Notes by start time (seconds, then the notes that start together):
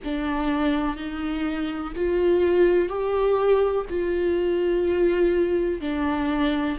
0.04 D4
0.96 D#4
1.95 F4
2.89 G4
3.89 F4
5.80 D4